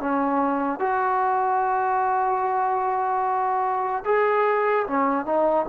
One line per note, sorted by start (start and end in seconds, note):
0.00 0.80 C#4
0.80 4.04 F#4
4.05 4.86 G#4
4.87 5.26 C#4
5.26 5.66 D#4